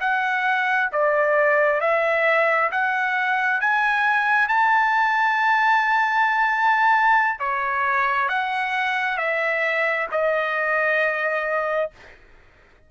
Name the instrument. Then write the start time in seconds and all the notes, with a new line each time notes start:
trumpet
0.00 F#5
0.92 D5
1.80 E5
2.71 F#5
3.61 G#5
4.48 A5
7.39 C#5
8.29 F#5
9.17 E5
10.11 D#5